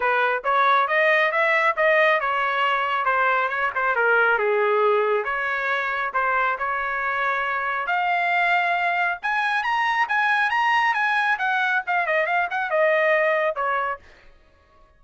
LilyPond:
\new Staff \with { instrumentName = "trumpet" } { \time 4/4 \tempo 4 = 137 b'4 cis''4 dis''4 e''4 | dis''4 cis''2 c''4 | cis''8 c''8 ais'4 gis'2 | cis''2 c''4 cis''4~ |
cis''2 f''2~ | f''4 gis''4 ais''4 gis''4 | ais''4 gis''4 fis''4 f''8 dis''8 | f''8 fis''8 dis''2 cis''4 | }